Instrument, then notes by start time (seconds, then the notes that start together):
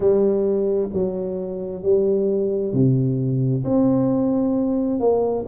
tuba
0.00 G3
0.93 F#3
1.83 G3
2.73 C3
3.64 C4
5.00 A#3